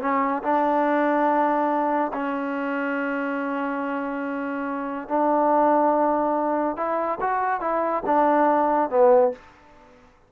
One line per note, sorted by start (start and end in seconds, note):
0.00 0.42 C#4
0.42 2.11 D4
2.13 5.08 C#4
5.08 6.76 D4
6.76 7.18 E4
7.20 7.60 F#4
7.60 8.02 E4
8.06 8.89 D4
8.89 9.31 B3